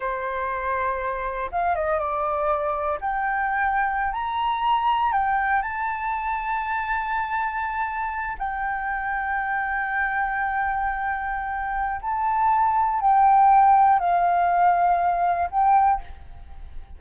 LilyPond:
\new Staff \with { instrumentName = "flute" } { \time 4/4 \tempo 4 = 120 c''2. f''8 dis''8 | d''2 g''2~ | g''16 ais''2 g''4 a''8.~ | a''1~ |
a''8. g''2.~ g''16~ | g''1 | a''2 g''2 | f''2. g''4 | }